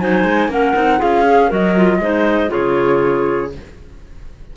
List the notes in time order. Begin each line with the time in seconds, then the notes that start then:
0.00 F#3 D#4 C5 G#5
0.24 G#3
0.48 A#3 C#4 A#4 F#5
0.75 C4 D#4
0.98 C#4 F4 G#4 F5
1.26 G#4
1.47 F#3 F#4 A#4 D#5
1.76 F4
1.99 G#3 D#4 C5
2.48 F4 G#4 C#5
2.56 C#3